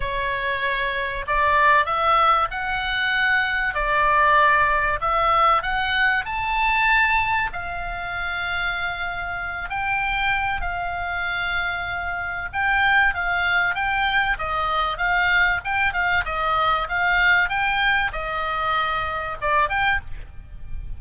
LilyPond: \new Staff \with { instrumentName = "oboe" } { \time 4/4 \tempo 4 = 96 cis''2 d''4 e''4 | fis''2 d''2 | e''4 fis''4 a''2 | f''2.~ f''8 g''8~ |
g''4 f''2. | g''4 f''4 g''4 dis''4 | f''4 g''8 f''8 dis''4 f''4 | g''4 dis''2 d''8 g''8 | }